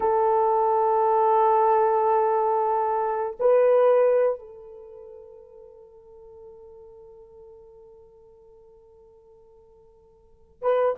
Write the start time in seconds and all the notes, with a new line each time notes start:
0.00 A4
3.39 B4
4.39 A4
10.61 B4